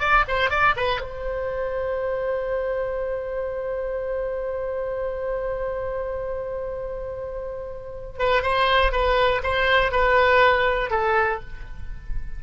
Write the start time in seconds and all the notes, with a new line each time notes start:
0.00 D5
0.28 C5
0.50 D5
0.77 B4
1.01 C5
8.19 B4
8.43 C5
8.92 B4
9.43 C5
9.92 B4
10.91 A4